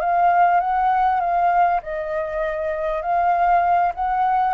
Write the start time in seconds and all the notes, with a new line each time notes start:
0.00 F5
0.60 F#5
1.20 F5
1.82 D#5
3.01 F5
3.94 F#5